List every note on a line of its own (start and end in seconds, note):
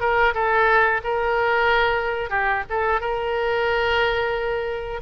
0.00 0.33 A#4
0.34 1.01 A4
1.04 2.30 A#4
2.30 2.63 G4
2.70 3.01 A4
3.01 5.01 A#4